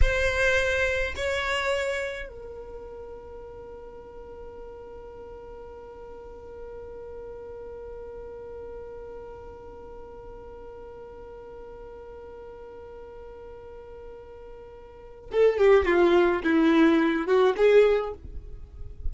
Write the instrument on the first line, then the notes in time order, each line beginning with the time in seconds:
violin
0.01 C5
1.16 C#5
2.28 A#4
15.31 A4
15.57 G4
15.85 F4
16.43 E4
17.26 F#4
17.57 G#4